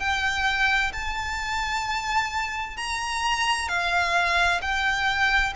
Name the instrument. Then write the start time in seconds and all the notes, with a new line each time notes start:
violin
0.00 G5
0.93 A5
2.77 A#5
3.69 F5
4.62 G5